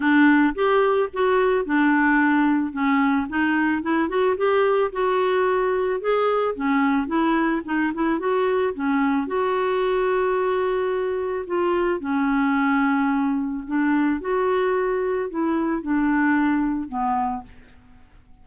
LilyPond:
\new Staff \with { instrumentName = "clarinet" } { \time 4/4 \tempo 4 = 110 d'4 g'4 fis'4 d'4~ | d'4 cis'4 dis'4 e'8 fis'8 | g'4 fis'2 gis'4 | cis'4 e'4 dis'8 e'8 fis'4 |
cis'4 fis'2.~ | fis'4 f'4 cis'2~ | cis'4 d'4 fis'2 | e'4 d'2 b4 | }